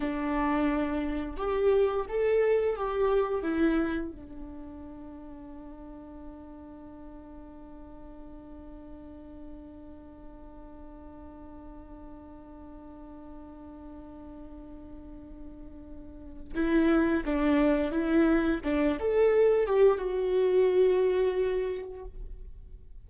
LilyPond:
\new Staff \with { instrumentName = "viola" } { \time 4/4 \tempo 4 = 87 d'2 g'4 a'4 | g'4 e'4 d'2~ | d'1~ | d'1~ |
d'1~ | d'1 | e'4 d'4 e'4 d'8 a'8~ | a'8 g'8 fis'2. | }